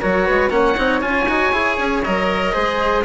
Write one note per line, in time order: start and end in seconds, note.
0.00 0.29 F#3
0.00 0.50 F#4
0.00 0.25 A#4
0.00 0.50 C#5
0.25 0.49 G#3
0.25 0.51 B4
0.49 0.75 A#3
0.49 0.75 C#4
0.49 2.53 C#5
0.49 1.01 F#5
0.77 1.02 C4
0.77 1.01 D#4
1.01 1.28 C#4
1.01 1.26 F4
1.01 2.03 G#5
1.28 1.52 D#4
1.28 1.52 F#4
1.52 1.78 E4
1.52 2.03 G#4
1.78 2.03 C#4
2.03 2.55 F#3
2.03 2.52 A#4
2.03 3.05 D#5
2.52 3.05 G#3
2.52 3.03 G#4
2.52 3.04 C5